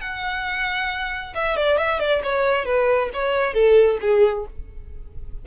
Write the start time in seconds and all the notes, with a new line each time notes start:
0.00 F#5
1.34 E5
1.56 D5
1.77 E5
1.99 D5
2.23 C#5
2.65 B4
3.13 C#5
3.53 A4
4.01 G#4